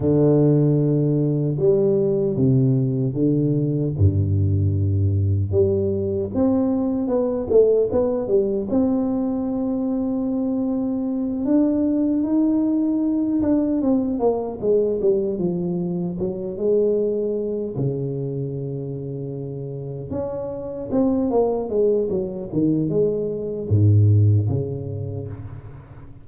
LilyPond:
\new Staff \with { instrumentName = "tuba" } { \time 4/4 \tempo 4 = 76 d2 g4 c4 | d4 g,2 g4 | c'4 b8 a8 b8 g8 c'4~ | c'2~ c'8 d'4 dis'8~ |
dis'4 d'8 c'8 ais8 gis8 g8 f8~ | f8 fis8 gis4. cis4.~ | cis4. cis'4 c'8 ais8 gis8 | fis8 dis8 gis4 gis,4 cis4 | }